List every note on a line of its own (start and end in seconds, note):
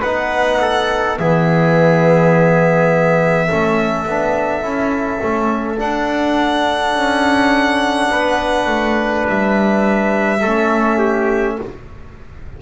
0.00 1.19 B3
0.00 1.18 D#4
0.00 0.58 B4
0.00 1.18 F#5
0.61 1.19 A4
1.18 3.50 E3
1.18 3.49 B3
1.18 3.47 G#4
1.18 5.79 E5
3.47 4.06 A3
3.47 4.06 C#4
3.47 8.08 A4
4.06 4.63 B3
4.06 4.62 D4
4.62 5.20 C#4
4.62 5.19 E4
5.21 5.79 A3
5.21 5.77 C#4
5.77 10.39 D4
5.77 6.94 D4
5.77 9.25 F#5
6.94 8.10 C#4
8.10 8.66 B3
8.10 10.41 B4
8.66 9.24 A3
9.28 10.44 G3
9.28 11.60 E5
10.41 11.59 A3
10.41 11.62 C#4
10.41 10.98 A4
10.98 11.56 G4